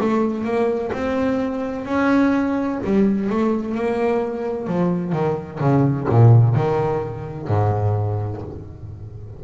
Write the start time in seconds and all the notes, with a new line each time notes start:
0.00 A3
0.44 A#3
0.92 C4
1.85 C#4
2.84 G3
3.29 A3
3.75 A#3
4.67 F3
5.12 D#3
5.60 C#3
6.09 A#2
6.55 D#3
7.47 G#2